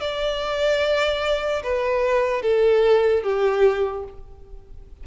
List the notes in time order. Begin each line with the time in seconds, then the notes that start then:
0.00 D5
1.63 B4
2.42 A4
3.23 G4